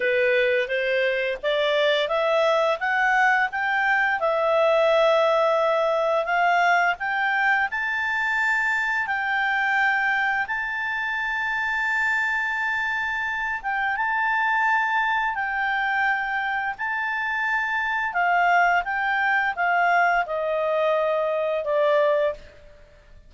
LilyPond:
\new Staff \with { instrumentName = "clarinet" } { \time 4/4 \tempo 4 = 86 b'4 c''4 d''4 e''4 | fis''4 g''4 e''2~ | e''4 f''4 g''4 a''4~ | a''4 g''2 a''4~ |
a''2.~ a''8 g''8 | a''2 g''2 | a''2 f''4 g''4 | f''4 dis''2 d''4 | }